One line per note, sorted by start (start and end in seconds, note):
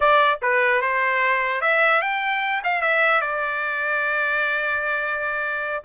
0.00 0.39 D5
0.42 0.81 B4
0.81 1.61 C5
1.61 2.01 E5
2.01 2.62 G5
2.64 2.81 F5
2.81 3.21 E5
3.21 5.83 D5